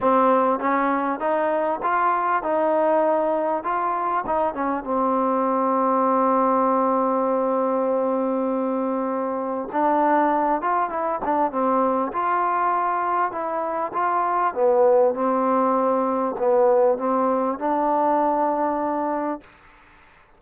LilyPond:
\new Staff \with { instrumentName = "trombone" } { \time 4/4 \tempo 4 = 99 c'4 cis'4 dis'4 f'4 | dis'2 f'4 dis'8 cis'8 | c'1~ | c'1 |
d'4. f'8 e'8 d'8 c'4 | f'2 e'4 f'4 | b4 c'2 b4 | c'4 d'2. | }